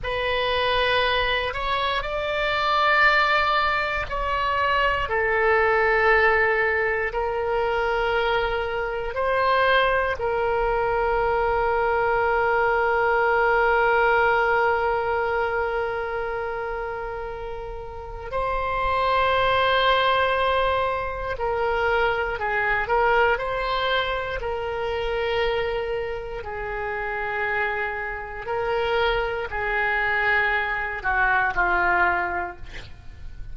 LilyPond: \new Staff \with { instrumentName = "oboe" } { \time 4/4 \tempo 4 = 59 b'4. cis''8 d''2 | cis''4 a'2 ais'4~ | ais'4 c''4 ais'2~ | ais'1~ |
ais'2 c''2~ | c''4 ais'4 gis'8 ais'8 c''4 | ais'2 gis'2 | ais'4 gis'4. fis'8 f'4 | }